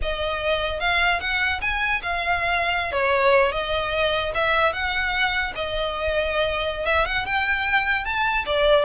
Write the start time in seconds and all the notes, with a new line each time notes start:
0.01 D#5
0.80 F5
1.20 F#5
1.61 G#5
2.02 F5
2.92 C#5
3.51 D#5
4.34 E5
4.72 F#5
5.55 D#5
6.85 E5
7.05 F#5
7.25 G5
8.04 A5
8.45 D5